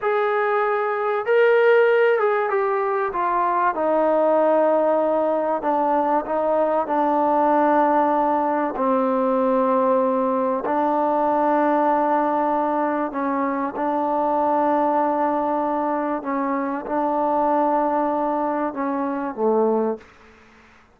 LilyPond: \new Staff \with { instrumentName = "trombone" } { \time 4/4 \tempo 4 = 96 gis'2 ais'4. gis'8 | g'4 f'4 dis'2~ | dis'4 d'4 dis'4 d'4~ | d'2 c'2~ |
c'4 d'2.~ | d'4 cis'4 d'2~ | d'2 cis'4 d'4~ | d'2 cis'4 a4 | }